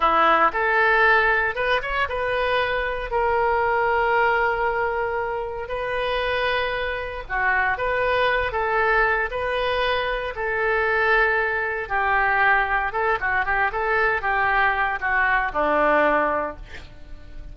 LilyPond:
\new Staff \with { instrumentName = "oboe" } { \time 4/4 \tempo 4 = 116 e'4 a'2 b'8 cis''8 | b'2 ais'2~ | ais'2. b'4~ | b'2 fis'4 b'4~ |
b'8 a'4. b'2 | a'2. g'4~ | g'4 a'8 fis'8 g'8 a'4 g'8~ | g'4 fis'4 d'2 | }